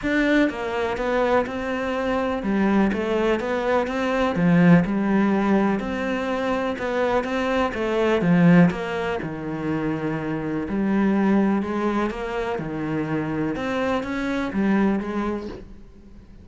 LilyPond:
\new Staff \with { instrumentName = "cello" } { \time 4/4 \tempo 4 = 124 d'4 ais4 b4 c'4~ | c'4 g4 a4 b4 | c'4 f4 g2 | c'2 b4 c'4 |
a4 f4 ais4 dis4~ | dis2 g2 | gis4 ais4 dis2 | c'4 cis'4 g4 gis4 | }